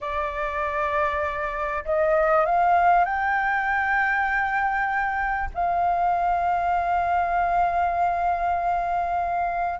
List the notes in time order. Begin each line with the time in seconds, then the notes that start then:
0.01 D5
1.85 D#5
2.45 F5
3.04 G5
5.54 F5